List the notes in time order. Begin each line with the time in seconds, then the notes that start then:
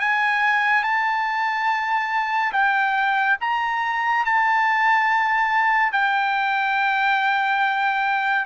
0.00 G#5
0.83 A5
2.53 G5
3.41 A#5
4.25 A5
5.92 G5